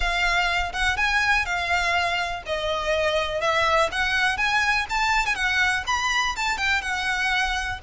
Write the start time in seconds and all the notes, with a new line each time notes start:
0.00 F5
0.72 F#5
0.96 G#5
1.45 F5
2.45 D#5
3.40 E5
3.91 F#5
4.37 G#5
4.89 A5
5.25 G#5
5.35 F#5
5.87 B5
6.35 A5
6.57 G5
6.81 F#5